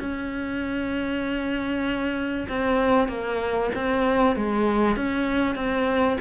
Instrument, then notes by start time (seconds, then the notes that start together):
cello
0.00 C#4
2.49 C4
3.08 A#3
3.75 C4
4.36 G#3
4.97 C#4
5.56 C4